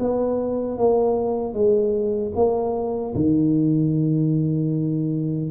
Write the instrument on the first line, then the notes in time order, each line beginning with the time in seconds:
tuba
0.00 B3
0.78 A#3
1.54 G#3
2.35 A#3
3.15 D#3